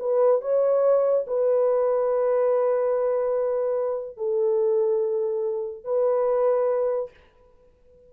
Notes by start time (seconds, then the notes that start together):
0.00 B4
0.42 C#5
1.27 B4
4.18 A4
5.85 B4